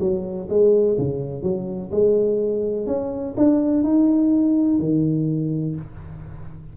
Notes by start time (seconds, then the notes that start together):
0.00 F#3
0.50 G#3
0.98 C#3
1.43 F#3
1.91 G#3
2.87 C#4
3.37 D4
3.84 D#4
4.80 D#3